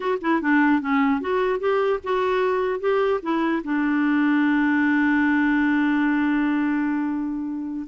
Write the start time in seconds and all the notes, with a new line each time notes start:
0.00 F#4
0.21 E4
0.41 D4
0.81 C#4
1.20 F#4
1.59 G4
2.03 F#4
2.80 G4
3.22 E4
3.64 D4